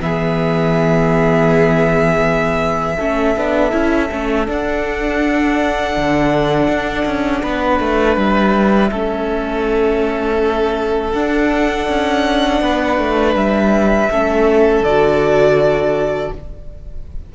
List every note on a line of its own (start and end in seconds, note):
0.00 2.96 E3
0.00 2.96 B3
0.00 2.96 G#4
0.00 4.47 E5
2.96 3.36 A3
2.96 3.37 C#4
2.96 7.40 A4
3.36 3.73 B3
3.36 3.71 D4
3.71 4.10 C#4
3.71 4.08 E4
4.10 4.48 A3
4.10 4.47 C#4
4.47 8.91 D4
4.47 5.96 D4
4.47 8.19 F#5
5.97 6.68 D3
6.68 7.05 D4
7.05 7.42 C#4
7.43 7.80 B3
7.43 8.91 B4
7.80 8.17 A3
8.17 8.91 G3
8.17 11.11 E5
8.91 11.14 A3
8.91 11.14 C#4
8.91 12.61 A4
11.11 14.10 D4
11.11 11.88 D4
11.11 13.33 F#5
11.89 12.61 C#4
12.61 12.98 B3
12.61 14.11 B4
12.98 13.35 A3
13.35 14.09 G3
13.35 14.84 E5
14.11 14.81 A3
14.11 14.85 C#4
14.11 16.33 A4
14.81 16.29 D3
14.81 16.33 D5
14.87 16.35 F#4